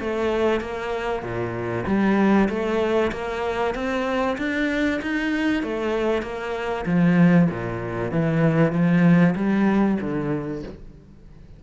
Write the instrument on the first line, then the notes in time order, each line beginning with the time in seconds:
cello
0.00 A3
0.61 A#3
1.23 A#2
1.87 G3
2.49 A3
3.12 A#3
3.75 C4
4.38 D4
5.02 D#4
5.63 A3
6.22 A#3
6.86 F3
7.51 A#2
8.12 E3
8.72 F3
9.36 G3
10.01 D3